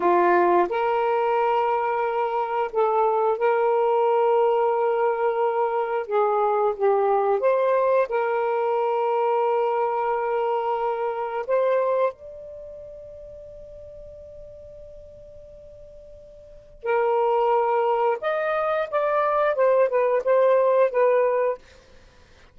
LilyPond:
\new Staff \with { instrumentName = "saxophone" } { \time 4/4 \tempo 4 = 89 f'4 ais'2. | a'4 ais'2.~ | ais'4 gis'4 g'4 c''4 | ais'1~ |
ais'4 c''4 d''2~ | d''1~ | d''4 ais'2 dis''4 | d''4 c''8 b'8 c''4 b'4 | }